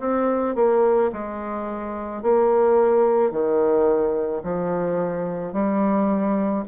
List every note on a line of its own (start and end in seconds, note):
0.00 0.55 C4
0.55 1.11 A#3
1.13 2.23 G#3
2.23 3.31 A#3
3.31 4.42 D#3
4.43 5.53 F3
5.53 6.64 G3